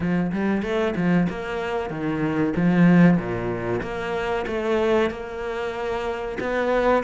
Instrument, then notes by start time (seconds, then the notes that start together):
cello
0.00 F3
0.32 G3
0.62 A3
0.95 F3
1.29 A#3
1.89 D#3
2.56 F3
3.17 A#2
3.82 A#3
4.47 A3
5.10 A#3
6.40 B3